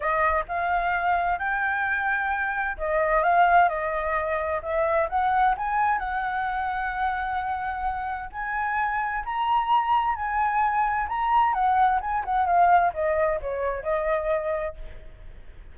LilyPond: \new Staff \with { instrumentName = "flute" } { \time 4/4 \tempo 4 = 130 dis''4 f''2 g''4~ | g''2 dis''4 f''4 | dis''2 e''4 fis''4 | gis''4 fis''2.~ |
fis''2 gis''2 | ais''2 gis''2 | ais''4 fis''4 gis''8 fis''8 f''4 | dis''4 cis''4 dis''2 | }